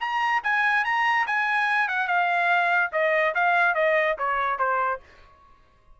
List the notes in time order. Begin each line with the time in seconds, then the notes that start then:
0.00 A#5
0.43 G#5
0.84 A#5
1.27 G#5
1.88 F#5
2.07 F5
2.92 D#5
3.34 F5
3.74 D#5
4.18 C#5
4.58 C5